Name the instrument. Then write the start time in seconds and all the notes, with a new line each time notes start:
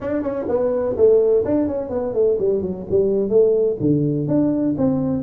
tuba
0.00 D4
0.22 C#4
0.48 B3
0.97 A3
1.44 D4
1.67 C#4
1.89 B3
2.13 A3
2.39 G3
2.62 F#3
2.89 G3
3.29 A3
3.80 D3
4.27 D4
4.77 C4